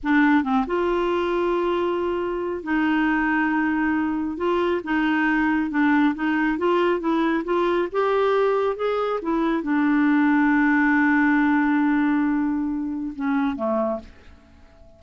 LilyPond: \new Staff \with { instrumentName = "clarinet" } { \time 4/4 \tempo 4 = 137 d'4 c'8 f'2~ f'8~ | f'2 dis'2~ | dis'2 f'4 dis'4~ | dis'4 d'4 dis'4 f'4 |
e'4 f'4 g'2 | gis'4 e'4 d'2~ | d'1~ | d'2 cis'4 a4 | }